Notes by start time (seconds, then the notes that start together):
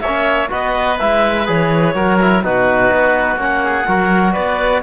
0.00 A#3 C#5 E5
0.07 C#4
0.49 B3 F#4 B4 D#5
0.98 G#3 E4 E5
1.46 E3 G#4 C#5
1.94 F#3 F#4 A#4
2.21 E4
2.43 B2 D#4 F#4 B4
2.92 B3
3.36 A#3 C#4 F#5
3.64 G#4
3.87 F#3 F#4 A#4
4.32 B3 B4 D5